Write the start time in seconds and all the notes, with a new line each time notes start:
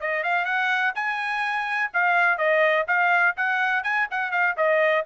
0.00 D#5
0.23 F5
0.45 F#5
0.95 G#5
1.93 F5
2.37 D#5
2.87 F5
3.36 F#5
3.83 G#5
4.10 F#5
4.31 F5
4.57 D#5